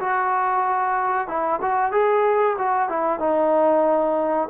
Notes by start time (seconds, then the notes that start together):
0.00 F#4
1.28 E4
1.62 F#4
1.92 G#4
2.58 F#4
2.89 E4
3.20 D#4